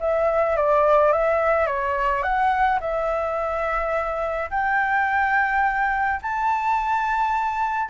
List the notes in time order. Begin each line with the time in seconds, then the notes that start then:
0.00 E5
0.56 D5
1.12 E5
1.66 C#5
2.23 F#5
2.80 E5
4.51 G5
6.22 A5